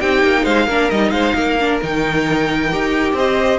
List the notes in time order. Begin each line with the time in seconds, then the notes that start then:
0.00 C4 D#4 G4 G5
0.23 A#3
0.44 G#3 C5 F5
0.66 A#3 D4 A#4
0.90 G3 D#4 D#5
1.10 G#3 C5 F5
1.35 A#3 A#4
1.60 D4
1.82 D#3 D#4 G5
2.72 D#4 G4
3.13 C4 C5 D#5